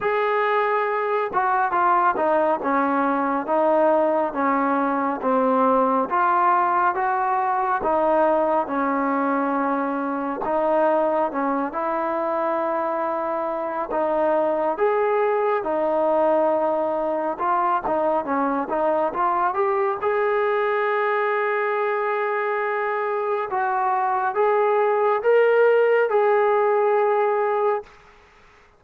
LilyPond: \new Staff \with { instrumentName = "trombone" } { \time 4/4 \tempo 4 = 69 gis'4. fis'8 f'8 dis'8 cis'4 | dis'4 cis'4 c'4 f'4 | fis'4 dis'4 cis'2 | dis'4 cis'8 e'2~ e'8 |
dis'4 gis'4 dis'2 | f'8 dis'8 cis'8 dis'8 f'8 g'8 gis'4~ | gis'2. fis'4 | gis'4 ais'4 gis'2 | }